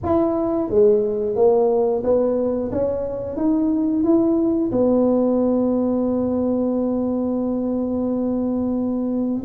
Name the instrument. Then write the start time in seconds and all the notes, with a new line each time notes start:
tuba
0.03 E4
0.69 G#3
1.35 A#3
2.03 B3
2.71 C#4
3.36 D#4
4.03 E4
4.71 B3